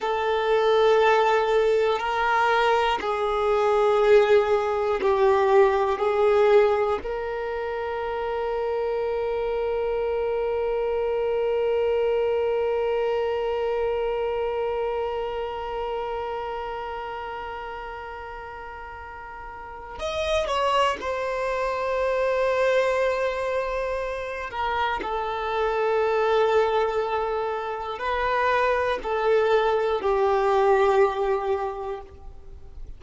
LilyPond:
\new Staff \with { instrumentName = "violin" } { \time 4/4 \tempo 4 = 60 a'2 ais'4 gis'4~ | gis'4 g'4 gis'4 ais'4~ | ais'1~ | ais'1~ |
ais'1 | dis''8 cis''8 c''2.~ | c''8 ais'8 a'2. | b'4 a'4 g'2 | }